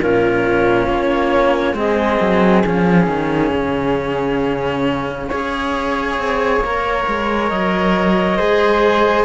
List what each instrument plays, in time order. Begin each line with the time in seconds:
0.00 cello A#2 C#4, flute F4, clarinet A#4
0.87 cello A#3, clarinet C#5
1.74 cello G#3 C4, flute G#4, clarinet D#5
2.21 cello F#3
2.65 cello F3 C#4, clarinet F5
3.07 cello D#3
3.53 cello C#3
5.29 cello C#4 G#4, flute C#5
6.19 cello C4
6.60 cello A#3 A#4
7.08 cello G#3
7.48 cello F#3, clarinet D#5
8.37 cello G#3 G#4, flute C5